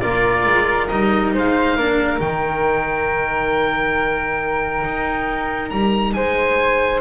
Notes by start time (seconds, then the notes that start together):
0.00 A#3 F4 A#4 D5
0.46 G#3
0.87 G3 D#4 D#5
1.33 G#3 C5 F5
1.76 A#3 D4 A#4
2.19 D#3 D#4 G5
4.84 D#4
5.70 G3 A#5
6.13 G#3 C5 G#5